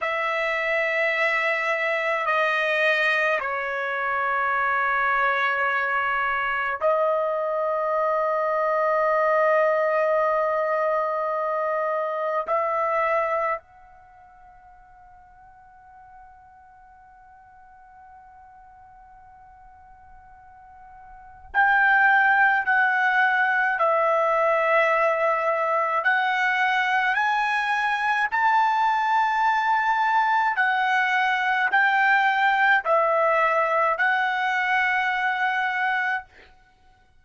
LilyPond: \new Staff \with { instrumentName = "trumpet" } { \time 4/4 \tempo 4 = 53 e''2 dis''4 cis''4~ | cis''2 dis''2~ | dis''2. e''4 | fis''1~ |
fis''2. g''4 | fis''4 e''2 fis''4 | gis''4 a''2 fis''4 | g''4 e''4 fis''2 | }